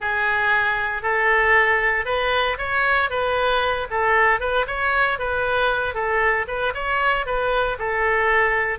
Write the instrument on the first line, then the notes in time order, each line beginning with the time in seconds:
oboe
0.00 G#4
1.02 A4
2.05 B4
2.58 C#5
3.10 B4
3.90 A4
4.40 B4
4.67 C#5
5.18 B4
5.94 A4
6.47 B4
6.74 C#5
7.26 B4
7.78 A4